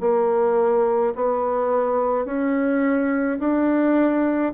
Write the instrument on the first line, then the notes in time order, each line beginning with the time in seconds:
bassoon
0.00 A#3
1.15 B3
2.25 C#4
3.40 D4